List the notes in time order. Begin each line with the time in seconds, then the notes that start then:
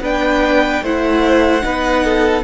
0.00 B3 D4 B4 G5
0.82 A3 E4 C5 F#5
1.61 B3 D#4 B4
2.05 A4